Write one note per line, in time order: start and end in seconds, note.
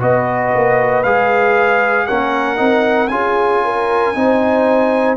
0.00 0.53 B3
0.00 1.03 F#4
0.00 2.08 B4
0.00 1.03 D#5
0.54 1.04 A#3
1.03 2.08 G#3
1.03 2.09 G#4
1.03 2.06 F5
2.06 2.59 A#3
2.06 2.57 C#4
2.06 3.11 A#4
2.06 3.08 F#5
2.57 3.10 C4
2.57 3.08 D#4
3.08 4.14 C#4
3.08 4.14 F4
3.08 3.64 G#4
3.08 5.15 G#5
3.64 4.16 A#4
4.15 5.17 C4
4.15 5.17 D#4
4.15 5.17 C5